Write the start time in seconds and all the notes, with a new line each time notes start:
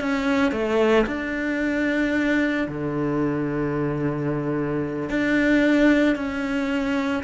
0.00 C#4
0.52 A3
1.07 D4
2.68 D3
5.09 D4
6.16 C#4